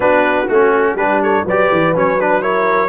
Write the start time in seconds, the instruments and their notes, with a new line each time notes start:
0.00 tuba B3, trombone D4, horn F#4, trumpet B4
0.48 tuba A3, trombone C#4, trumpet F#4
0.94 tuba G3, trombone D4, horn G4, trumpet B4
1.22 horn A4, trumpet C#5
1.45 tuba F#3, trombone G4, horn B4, trumpet D5
1.71 tuba E3
1.94 tuba F#3, trombone C#4, trumpet C#5
2.20 trombone D4, trumpet B4
2.42 trombone E4, horn A#4, trumpet C#5